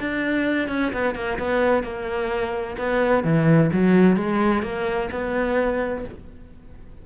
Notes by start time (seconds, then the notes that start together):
0.00 D4
0.69 C#4
0.93 B3
1.16 A#3
1.39 B3
1.84 A#3
2.78 B3
3.24 E3
3.73 F#3
4.17 G#3
4.63 A#3
5.12 B3